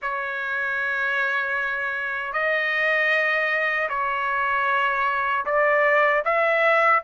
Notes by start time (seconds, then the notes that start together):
0.02 C#5
2.32 D#5
3.89 C#5
5.45 D5
6.24 E5